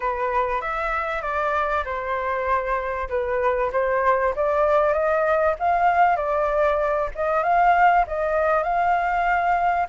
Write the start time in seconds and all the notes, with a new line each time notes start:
0.00 B4
0.61 E5
1.22 D5
1.84 C5
3.09 B4
3.72 C5
4.35 D5
4.93 D#5
5.59 F5
6.16 D5
7.15 D#5
7.43 F5
8.07 D#5
8.63 F5